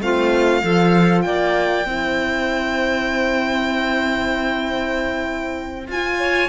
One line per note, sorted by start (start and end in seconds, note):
0.00 0.62 A3
0.00 0.62 C4
0.00 0.62 F4
0.00 1.22 F5
0.62 1.25 F3
0.62 1.85 F4
0.62 1.24 A4
1.22 1.86 A#3
1.22 1.87 D5
1.22 5.86 G5
1.86 5.87 C4
1.86 5.88 E4
1.86 6.20 C5
5.87 6.49 F4
5.87 6.49 G#5
6.20 6.49 C#5